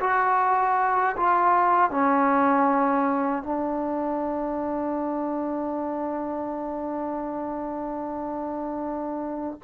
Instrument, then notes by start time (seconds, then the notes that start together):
trombone
0.00 F#4
1.16 F4
1.91 C#4
3.43 D4